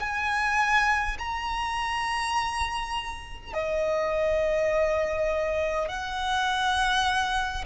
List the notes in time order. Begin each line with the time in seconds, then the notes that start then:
0.00 G#5
1.19 A#5
3.54 D#5
5.89 F#5